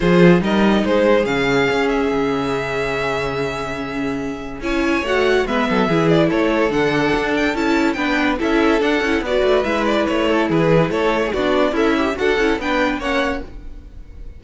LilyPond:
<<
  \new Staff \with { instrumentName = "violin" } { \time 4/4 \tempo 4 = 143 c''4 dis''4 c''4 f''4~ | f''8 e''2.~ e''8~ | e''2. gis''4 | fis''4 e''4. d''8 cis''4 |
fis''4. g''8 a''4 g''4 | e''4 fis''4 d''4 e''8 d''8 | cis''4 b'4 cis''4 d''4 | e''4 fis''4 g''4 fis''4 | }
  \new Staff \with { instrumentName = "violin" } { \time 4/4 gis'4 ais'4 gis'2~ | gis'1~ | gis'2. cis''4~ | cis''4 b'8 a'8 gis'4 a'4~ |
a'2. b'4 | a'2 b'2~ | b'8 a'8 gis'4 a'8. gis'16 fis'4 | e'4 a'4 b'4 cis''4 | }
  \new Staff \with { instrumentName = "viola" } { \time 4/4 f'4 dis'2 cis'4~ | cis'1~ | cis'2. e'4 | fis'4 b4 e'2 |
d'2 e'4 d'4 | e'4 d'8 e'8 fis'4 e'4~ | e'2. d'4 | a'8 g'8 fis'8 e'8 d'4 cis'4 | }
  \new Staff \with { instrumentName = "cello" } { \time 4/4 f4 g4 gis4 cis4 | cis'4 cis2.~ | cis2. cis'4 | a4 gis8 fis8 e4 a4 |
d4 d'4 cis'4 b4 | cis'4 d'8 cis'8 b8 a8 gis4 | a4 e4 a4 b4 | cis'4 d'8 cis'8 b4 ais4 | }
>>